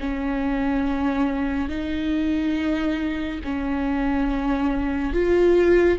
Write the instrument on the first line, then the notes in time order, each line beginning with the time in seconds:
viola
0.00 C#4
1.69 D#4
3.44 C#4
5.14 F4